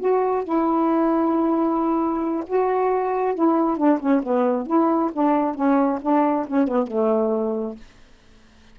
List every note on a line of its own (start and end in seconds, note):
0.00 0.44 F#4
0.44 2.44 E4
2.47 3.35 F#4
3.35 3.78 E4
3.78 4.00 D4
4.00 4.22 C#4
4.23 4.67 B3
4.67 5.11 E4
5.13 5.55 D4
5.55 6.00 C#4
6.02 6.47 D4
6.48 6.68 C#4
6.68 6.87 B3
6.87 7.76 A3